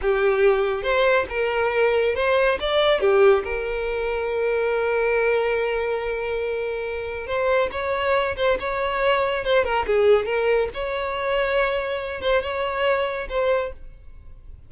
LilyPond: \new Staff \with { instrumentName = "violin" } { \time 4/4 \tempo 4 = 140 g'2 c''4 ais'4~ | ais'4 c''4 d''4 g'4 | ais'1~ | ais'1~ |
ais'4 c''4 cis''4. c''8 | cis''2 c''8 ais'8 gis'4 | ais'4 cis''2.~ | cis''8 c''8 cis''2 c''4 | }